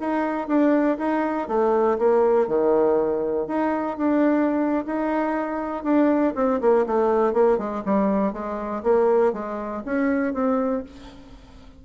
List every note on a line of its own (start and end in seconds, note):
0.00 0.47 D#4
0.47 0.97 D4
0.98 1.48 D#4
1.48 1.98 A3
1.98 2.48 A#3
2.48 3.47 D#3
3.47 3.97 D#4
3.97 4.85 D4
4.86 5.84 D#4
5.84 6.34 D4
6.35 6.60 C4
6.61 6.86 A#3
6.87 7.33 A3
7.33 7.58 A#3
7.58 7.83 G#3
7.85 8.33 G3
8.33 8.83 G#3
8.83 9.33 A#3
9.33 9.83 G#3
9.85 10.34 C#4
10.34 10.84 C4